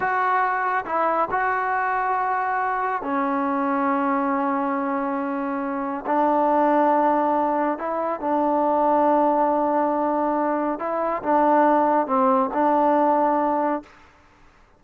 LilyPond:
\new Staff \with { instrumentName = "trombone" } { \time 4/4 \tempo 4 = 139 fis'2 e'4 fis'4~ | fis'2. cis'4~ | cis'1~ | cis'2 d'2~ |
d'2 e'4 d'4~ | d'1~ | d'4 e'4 d'2 | c'4 d'2. | }